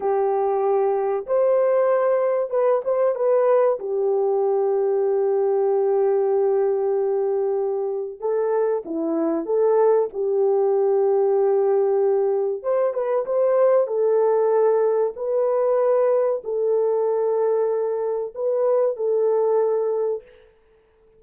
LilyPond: \new Staff \with { instrumentName = "horn" } { \time 4/4 \tempo 4 = 95 g'2 c''2 | b'8 c''8 b'4 g'2~ | g'1~ | g'4 a'4 e'4 a'4 |
g'1 | c''8 b'8 c''4 a'2 | b'2 a'2~ | a'4 b'4 a'2 | }